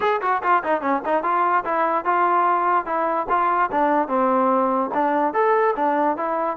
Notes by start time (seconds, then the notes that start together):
0.00 G#4
0.21 F#4
0.42 F4
0.63 D#4
0.81 C#4
1.05 D#4
1.23 F4
1.64 E4
2.05 F4
2.85 E4
3.29 F4
3.71 D4
4.08 C4
4.93 D4
5.33 A4
5.76 D4
6.16 E4